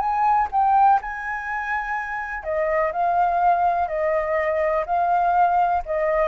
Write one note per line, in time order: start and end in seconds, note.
0.00 0.48 G#5
0.52 1.01 G5
1.02 2.44 G#5
2.44 2.92 D#5
2.93 3.88 F5
3.88 4.85 D#5
4.86 5.83 F5
5.86 6.29 D#5